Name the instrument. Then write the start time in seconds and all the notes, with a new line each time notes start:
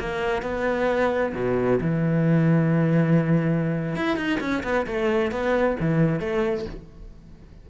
cello
0.00 A#3
0.42 B3
1.35 B2
1.81 E3
3.96 E4
4.17 D#4
4.40 C#4
4.64 B3
4.87 A3
5.31 B3
5.81 E3
6.20 A3